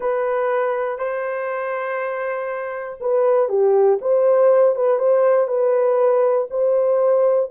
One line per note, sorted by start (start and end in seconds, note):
0.00 0.98 B4
0.98 2.98 C5
3.00 3.49 B4
3.49 3.99 G4
4.01 4.75 C5
4.75 4.98 B4
4.98 5.47 C5
5.47 6.47 B4
6.50 7.50 C5